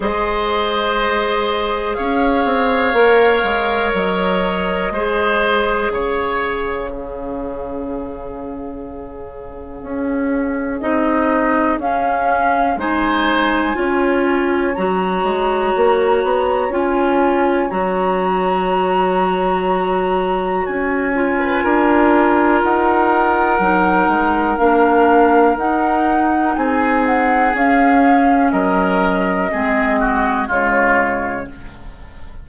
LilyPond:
<<
  \new Staff \with { instrumentName = "flute" } { \time 4/4 \tempo 4 = 61 dis''2 f''2 | dis''2 f''2~ | f''2. dis''4 | f''4 gis''2 ais''4~ |
ais''4 gis''4 ais''2~ | ais''4 gis''2 fis''4~ | fis''4 f''4 fis''4 gis''8 fis''8 | f''4 dis''2 cis''4 | }
  \new Staff \with { instrumentName = "oboe" } { \time 4/4 c''2 cis''2~ | cis''4 c''4 cis''4 gis'4~ | gis'1~ | gis'4 c''4 cis''2~ |
cis''1~ | cis''4.~ cis''16 b'16 ais'2~ | ais'2. gis'4~ | gis'4 ais'4 gis'8 fis'8 f'4 | }
  \new Staff \with { instrumentName = "clarinet" } { \time 4/4 gis'2. ais'4~ | ais'4 gis'2 cis'4~ | cis'2. dis'4 | cis'4 dis'4 f'4 fis'4~ |
fis'4 f'4 fis'2~ | fis'4. f'2~ f'8 | dis'4 d'4 dis'2 | cis'2 c'4 gis4 | }
  \new Staff \with { instrumentName = "bassoon" } { \time 4/4 gis2 cis'8 c'8 ais8 gis8 | fis4 gis4 cis2~ | cis2 cis'4 c'4 | cis'4 gis4 cis'4 fis8 gis8 |
ais8 b8 cis'4 fis2~ | fis4 cis'4 d'4 dis'4 | fis8 gis8 ais4 dis'4 c'4 | cis'4 fis4 gis4 cis4 | }
>>